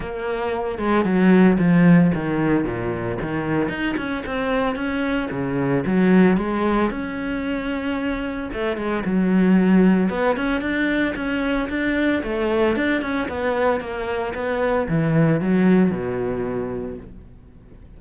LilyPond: \new Staff \with { instrumentName = "cello" } { \time 4/4 \tempo 4 = 113 ais4. gis8 fis4 f4 | dis4 ais,4 dis4 dis'8 cis'8 | c'4 cis'4 cis4 fis4 | gis4 cis'2. |
a8 gis8 fis2 b8 cis'8 | d'4 cis'4 d'4 a4 | d'8 cis'8 b4 ais4 b4 | e4 fis4 b,2 | }